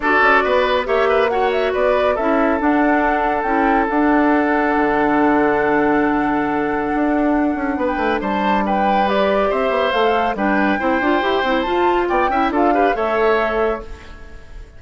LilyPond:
<<
  \new Staff \with { instrumentName = "flute" } { \time 4/4 \tempo 4 = 139 d''2 e''4 fis''8 e''8 | d''4 e''4 fis''2 | g''4 fis''2.~ | fis''1~ |
fis''2~ fis''16 g''8. a''4 | g''4 d''4 e''4 f''4 | g''2. a''4 | g''4 f''4 e''2 | }
  \new Staff \with { instrumentName = "oboe" } { \time 4/4 a'4 b'4 cis''8 b'8 cis''4 | b'4 a'2.~ | a'1~ | a'1~ |
a'2 b'4 c''4 | b'2 c''2 | b'4 c''2. | d''8 e''8 a'8 b'8 cis''2 | }
  \new Staff \with { instrumentName = "clarinet" } { \time 4/4 fis'2 g'4 fis'4~ | fis'4 e'4 d'2 | e'4 d'2.~ | d'1~ |
d'1~ | d'4 g'2 a'4 | d'4 e'8 f'8 g'8 e'8 f'4~ | f'8 e'8 f'8 g'8 a'2 | }
  \new Staff \with { instrumentName = "bassoon" } { \time 4/4 d'8 cis'8 b4 ais2 | b4 cis'4 d'2 | cis'4 d'2 d4~ | d1 |
d'4. cis'8 b8 a8 g4~ | g2 c'8 b8 a4 | g4 c'8 d'8 e'8 c'8 f'4 | b8 cis'8 d'4 a2 | }
>>